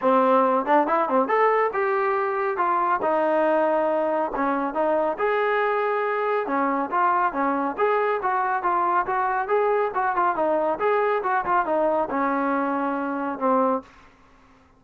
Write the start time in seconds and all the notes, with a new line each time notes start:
0.01 C4
0.65 D4
0.87 E4
1.08 C4
1.28 A4
1.73 G4
2.57 F4
3.02 D#4
4.35 C#4
4.74 D#4
5.18 G#4
6.46 C#4
6.90 F4
7.32 C#4
7.77 G#4
8.22 F#4
8.62 F4
9.06 F#4
9.47 G#4
9.94 F#4
10.16 F4
10.35 D#4
10.79 G#4
11.23 F#4
11.45 F4
11.65 D#4
12.10 C#4
13.38 C4